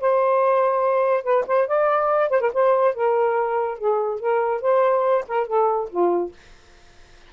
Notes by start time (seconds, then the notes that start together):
0.00 C5
1.23 B4
1.47 C5
1.67 D5
2.30 C5
2.41 A#4
2.54 C5
2.95 A#4
3.78 G#4
4.20 A#4
4.61 C5
5.28 A#4
5.47 A4
5.90 F4